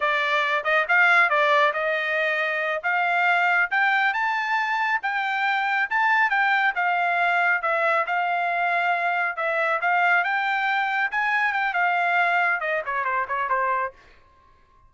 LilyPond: \new Staff \with { instrumentName = "trumpet" } { \time 4/4 \tempo 4 = 138 d''4. dis''8 f''4 d''4 | dis''2~ dis''8 f''4.~ | f''8 g''4 a''2 g''8~ | g''4. a''4 g''4 f''8~ |
f''4. e''4 f''4.~ | f''4. e''4 f''4 g''8~ | g''4. gis''4 g''8 f''4~ | f''4 dis''8 cis''8 c''8 cis''8 c''4 | }